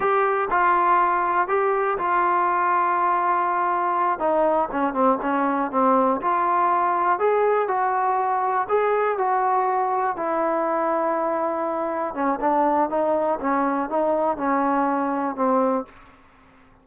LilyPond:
\new Staff \with { instrumentName = "trombone" } { \time 4/4 \tempo 4 = 121 g'4 f'2 g'4 | f'1~ | f'8 dis'4 cis'8 c'8 cis'4 c'8~ | c'8 f'2 gis'4 fis'8~ |
fis'4. gis'4 fis'4.~ | fis'8 e'2.~ e'8~ | e'8 cis'8 d'4 dis'4 cis'4 | dis'4 cis'2 c'4 | }